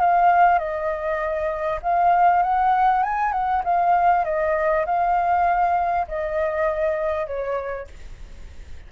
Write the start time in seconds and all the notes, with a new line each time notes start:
0.00 F5
0.58 D#5
1.82 F5
2.43 F#5
3.03 G#5
3.32 F#5
3.64 F5
4.25 D#5
4.86 F5
6.07 D#5
7.27 C#5